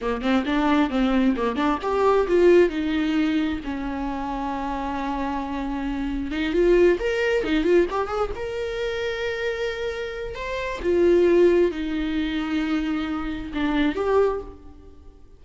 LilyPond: \new Staff \with { instrumentName = "viola" } { \time 4/4 \tempo 4 = 133 ais8 c'8 d'4 c'4 ais8 d'8 | g'4 f'4 dis'2 | cis'1~ | cis'2 dis'8 f'4 ais'8~ |
ais'8 dis'8 f'8 g'8 gis'8 ais'4.~ | ais'2. c''4 | f'2 dis'2~ | dis'2 d'4 g'4 | }